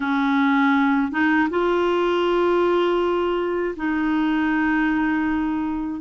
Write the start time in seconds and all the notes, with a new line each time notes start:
0.00 C#4
1.11 D#4
1.50 F4
3.76 D#4